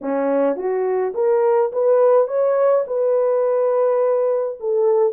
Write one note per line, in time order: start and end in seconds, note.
0.01 0.56 C#4
0.56 1.13 F#4
1.14 1.71 A#4
1.72 2.27 B4
2.27 2.84 C#5
2.86 4.58 B4
4.60 5.13 A4